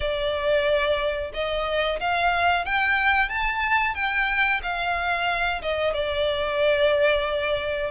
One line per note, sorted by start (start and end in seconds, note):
0.00 1.31 D5
1.33 1.99 D#5
2.00 2.65 F5
2.65 3.29 G5
3.29 3.94 A5
3.94 4.60 G5
4.62 5.61 F5
5.62 5.93 D#5
5.93 7.91 D5